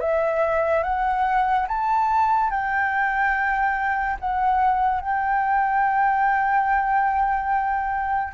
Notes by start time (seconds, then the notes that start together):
0.00 E5
0.83 F#5
1.67 A5
2.50 G5
4.19 F#5
5.01 G5